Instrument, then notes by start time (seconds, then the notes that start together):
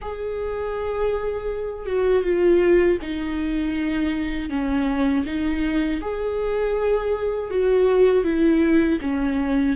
viola
0.01 G#4
1.85 F#4
2.23 F4
3.01 D#4
4.49 C#4
5.25 D#4
6.01 G#4
7.50 F#4
8.24 E4
9.01 C#4